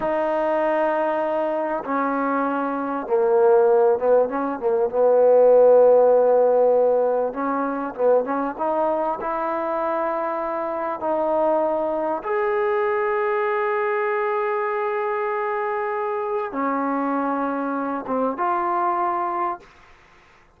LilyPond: \new Staff \with { instrumentName = "trombone" } { \time 4/4 \tempo 4 = 98 dis'2. cis'4~ | cis'4 ais4. b8 cis'8 ais8 | b1 | cis'4 b8 cis'8 dis'4 e'4~ |
e'2 dis'2 | gis'1~ | gis'2. cis'4~ | cis'4. c'8 f'2 | }